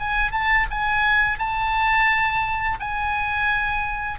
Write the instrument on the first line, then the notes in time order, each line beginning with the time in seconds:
oboe
0.00 G#5
0.32 A5
0.71 G#5
1.39 A5
2.80 G#5